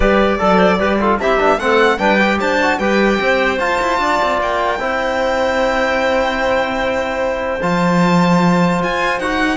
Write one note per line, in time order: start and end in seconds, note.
0.00 0.40 G3
0.00 0.39 G4
0.00 0.40 B4
0.00 1.18 D5
0.39 0.79 F#3
0.39 0.79 A4
0.39 0.57 A4
0.57 0.77 C5
0.79 1.19 G3
0.79 0.99 G4
0.79 0.99 B4
0.99 1.20 F4
0.99 1.19 A4
1.19 1.39 C4
1.19 1.38 E4
1.19 1.60 G4
1.19 1.59 E5
1.38 1.58 B3
1.38 1.58 D4
1.58 1.98 A3
1.58 1.98 C4
1.58 1.98 A4
1.58 1.98 F#5
1.98 2.39 G3
1.98 2.18 D4
1.98 2.38 B4
1.98 2.38 G5
2.19 2.59 G4
2.40 2.79 D4
2.40 2.79 C5
2.40 2.78 A5
2.62 2.80 F#4
2.78 3.19 G3
2.78 3.58 G4
2.78 3.19 B4
2.78 3.58 G5
3.20 3.59 C4
3.20 4.01 C5
3.58 4.78 F4
3.58 3.79 F4
3.58 4.39 A5
3.81 3.98 E4
3.98 4.18 D4
3.98 4.80 D5
4.21 4.40 C4
4.40 4.79 A#3
4.40 7.62 G5
4.79 7.59 C4
4.79 7.60 E4
4.79 9.57 C5
7.62 8.82 F3
7.62 9.21 F4
7.62 8.82 A5
8.82 9.19 F4
8.82 9.19 G#5
9.19 9.57 D#4
9.19 9.57 F#4
9.19 9.57 F#5